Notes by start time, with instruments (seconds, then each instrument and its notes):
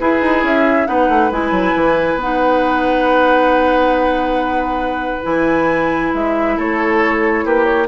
0.00 bassoon E4, clarinet E4, oboe G#4, flute B4
0.21 bassoon D#4
0.43 bassoon C#4, flute E5
0.87 bassoon B3, clarinet D#4, oboe B4, flute F#5
1.09 bassoon A3
1.31 bassoon G#3, clarinet E4, flute G#5
1.51 bassoon F#3
1.75 bassoon E3
2.15 bassoon B3, clarinet D#4, flute F#5
5.23 bassoon E3, clarinet E4, flute G#5
6.14 bassoon G#3, flute E5
6.57 bassoon A3, oboe A4, flute C#5
7.45 bassoon A#3, oboe G4, flute B4
7.64 flute C#5